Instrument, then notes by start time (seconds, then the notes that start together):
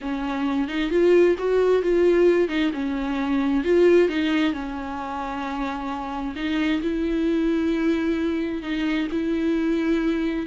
viola
0.01 C#4
0.68 D#4
0.90 F4
1.38 F#4
1.82 F4
2.48 D#4
2.73 C#4
3.64 F4
4.08 D#4
4.53 C#4
6.35 D#4
6.82 E4
8.62 D#4
9.11 E4